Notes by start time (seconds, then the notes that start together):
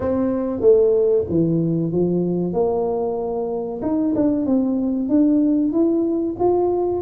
0.00 C4
0.60 A3
1.29 E3
1.91 F3
2.53 A#3
3.82 D#4
4.15 D4
4.46 C4
5.08 D4
5.72 E4
6.39 F4